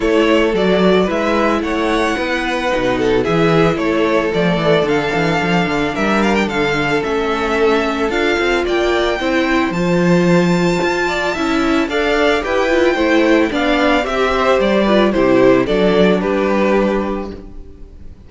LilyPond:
<<
  \new Staff \with { instrumentName = "violin" } { \time 4/4 \tempo 4 = 111 cis''4 d''4 e''4 fis''4~ | fis''2 e''4 cis''4 | d''4 f''2 e''8 f''16 g''16 | f''4 e''2 f''4 |
g''2 a''2~ | a''2 f''4 g''4~ | g''4 f''4 e''4 d''4 | c''4 d''4 b'2 | }
  \new Staff \with { instrumentName = "violin" } { \time 4/4 a'2 b'4 cis''4 | b'4. a'8 gis'4 a'4~ | a'2. ais'4 | a'1 |
d''4 c''2.~ | c''8 d''8 e''4 d''4 b'4 | c''4 d''4 g'8 c''4 b'8 | g'4 a'4 g'2 | }
  \new Staff \with { instrumentName = "viola" } { \time 4/4 e'4 fis'4 e'2~ | e'4 dis'4 e'2 | a4 d'2.~ | d'4 cis'2 f'4~ |
f'4 e'4 f'2~ | f'4 e'4 a'4 g'8 f'8 | e'4 d'4 g'4. f'8 | e'4 d'2. | }
  \new Staff \with { instrumentName = "cello" } { \time 4/4 a4 fis4 gis4 a4 | b4 b,4 e4 a4 | f8 e8 d8 e8 f8 d8 g4 | d4 a2 d'8 c'8 |
ais4 c'4 f2 | f'4 cis'4 d'4 e'4 | a4 b4 c'4 g4 | c4 fis4 g2 | }
>>